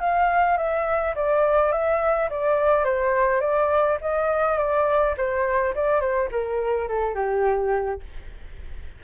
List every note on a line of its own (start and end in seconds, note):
0.00 0.57 F5
0.57 1.14 E5
1.15 1.72 D5
1.72 2.29 E5
2.30 2.84 D5
2.84 3.41 C5
3.41 3.98 D5
4.01 4.57 D#5
4.57 5.15 D5
5.17 5.74 C5
5.75 6.00 D5
6.00 6.29 C5
6.31 6.88 A#4
6.88 7.15 A4
7.15 8.01 G4